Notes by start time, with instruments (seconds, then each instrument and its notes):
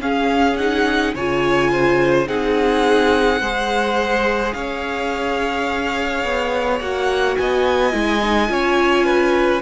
0.00 viola C#4, cello C#4, violin G#4 F5
0.57 viola D#4, violin F#5
1.14 cello C#3, viola F4, violin C#5 G#5
1.71 violin C5
2.27 cello C4, viola D#4, violin G#4 F#5
3.41 cello G#3, viola G#4, violin C5
4.53 cello C#4, violin C#5 F5
6.24 cello B3
6.80 cello A#3, viola F#4, violin F#5
7.37 cello B3, violin D#5 G#5
7.92 cello G#3, viola E4
8.24 viola D#4
8.48 cello C#4, viola F4, violin C#5
9.05 violin B4